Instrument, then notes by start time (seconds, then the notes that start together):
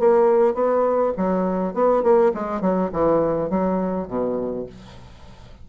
bassoon
0.00 A#3
0.55 B3
1.18 F#3
1.74 B3
2.03 A#3
2.35 G#3
2.62 F#3
2.93 E3
3.51 F#3
4.08 B2